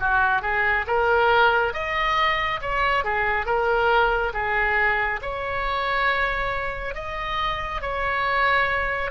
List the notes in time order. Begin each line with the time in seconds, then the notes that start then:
0.00 F#4
0.42 G#4
0.87 A#4
1.74 D#5
2.61 C#5
3.04 G#4
3.46 A#4
4.34 G#4
5.22 C#5
6.95 D#5
7.81 C#5